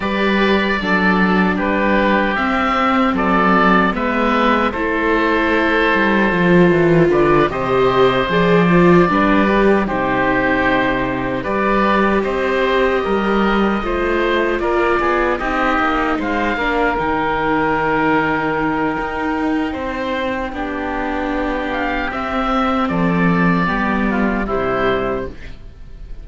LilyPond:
<<
  \new Staff \with { instrumentName = "oboe" } { \time 4/4 \tempo 4 = 76 d''2 b'4 e''4 | d''4 e''4 c''2~ | c''4 d''8 dis''4 d''4.~ | d''8 c''2 d''4 dis''8~ |
dis''2~ dis''8 d''4 dis''8~ | dis''8 f''4 g''2~ g''8~ | g''2.~ g''8 f''8 | e''4 d''2 c''4 | }
  \new Staff \with { instrumentName = "oboe" } { \time 4/4 b'4 a'4 g'2 | a'4 b'4 a'2~ | a'4 b'8 c''2 b'8~ | b'8 g'2 b'4 c''8~ |
c''8 ais'4 c''4 ais'8 gis'8 g'8~ | g'8 c''8 ais'2.~ | ais'4 c''4 g'2~ | g'4 a'4 g'8 f'8 e'4 | }
  \new Staff \with { instrumentName = "viola" } { \time 4/4 g'4 d'2 c'4~ | c'4 b4 e'2 | f'4. g'4 gis'8 f'8 d'8 | g'8 dis'2 g'4.~ |
g'4. f'2 dis'8~ | dis'4 d'8 dis'2~ dis'8~ | dis'2 d'2 | c'2 b4 g4 | }
  \new Staff \with { instrumentName = "cello" } { \time 4/4 g4 fis4 g4 c'4 | fis4 gis4 a4. g8 | f8 e8 d8 c4 f4 g8~ | g8 c2 g4 c'8~ |
c'8 g4 a4 ais8 b8 c'8 | ais8 gis8 ais8 dis2~ dis8 | dis'4 c'4 b2 | c'4 f4 g4 c4 | }
>>